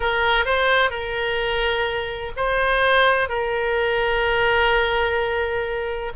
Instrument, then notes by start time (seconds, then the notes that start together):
oboe
0.00 A#4
0.45 C5
0.90 A#4
2.36 C5
3.29 A#4